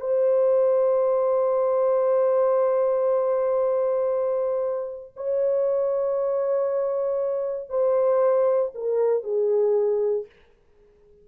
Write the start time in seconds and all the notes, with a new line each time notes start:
0.00 C5
5.16 C#5
7.69 C5
8.75 A#4
9.23 G#4